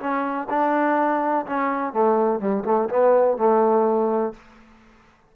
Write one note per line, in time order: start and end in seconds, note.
0.00 0.48 C#4
0.50 1.46 D4
1.47 1.94 C#4
1.94 2.40 A3
2.40 2.64 G3
2.65 2.89 A3
2.90 3.38 B3
3.38 4.34 A3